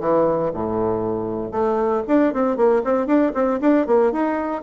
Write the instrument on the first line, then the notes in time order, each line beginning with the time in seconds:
bassoon
0.00 E3
0.53 A2
1.51 A3
2.07 D4
2.33 C4
2.56 A#3
2.84 C4
3.07 D4
3.34 C4
3.61 D4
3.86 A#3
4.12 D#4